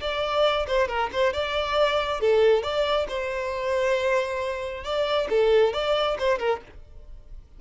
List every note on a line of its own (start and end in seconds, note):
0.00 0.66 D5
0.67 0.88 C5
0.88 1.10 A#4
1.12 1.33 C5
1.33 2.20 D5
2.20 2.62 A4
2.62 3.07 D5
3.08 4.84 C5
4.84 5.28 D5
5.30 5.73 A4
5.73 6.17 D5
6.19 6.39 C5
6.39 6.61 A#4